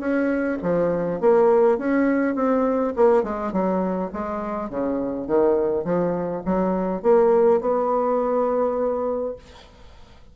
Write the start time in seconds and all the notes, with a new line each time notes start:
0.00 C#4
0.63 F3
1.21 A#3
1.78 C#4
2.36 C4
2.97 A#3
3.24 G#3
3.53 F#3
4.13 G#3
4.70 C#3
5.27 D#3
5.85 F3
6.46 F#3
7.03 A#3
7.62 B3